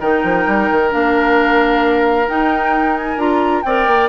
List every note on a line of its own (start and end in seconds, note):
0.00 0.24 D#3
0.00 0.90 D#4
0.00 3.64 A#4
0.00 0.92 G5
0.24 0.46 F3
0.47 0.69 G3
0.71 0.93 D#3
0.90 2.29 A#3
0.90 2.26 D4
0.90 2.29 F5
2.27 3.17 D#4
2.27 2.97 G5
2.97 3.19 G#5
3.17 3.63 D4
3.17 3.63 F4
3.17 3.62 A#5
3.62 3.87 C4
3.62 4.09 A#4
3.62 4.09 D5
3.62 4.08 G5
3.87 4.09 A#3